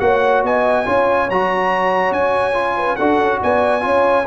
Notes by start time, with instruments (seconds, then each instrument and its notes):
0.00 tuba A#3, trombone F#4, horn C#5, trumpet F#5
0.43 tuba B3, horn D#5, trumpet G#5
0.86 tuba C#4, trombone F4, horn C#5
1.30 tuba F#3, trombone F#4, trumpet A#5
2.11 tuba C#4, trumpet G#5
2.54 trombone F4
2.77 horn B4
2.96 tuba D4, trombone F#4, horn A4, trumpet F#5
3.19 tuba C#4
3.42 tuba B3, horn D5, trumpet G#5
3.81 tuba C#4, trombone F4, horn C#5